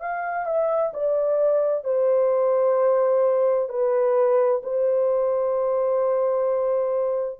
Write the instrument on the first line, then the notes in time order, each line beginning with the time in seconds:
horn
0.00 F5
0.46 E5
0.93 D5
1.84 C5
3.69 B4
4.63 C5